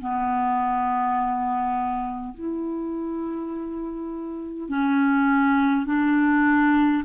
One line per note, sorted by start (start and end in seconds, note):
0.00 2.34 B3
2.34 4.68 E4
4.68 5.86 C#4
5.86 7.03 D4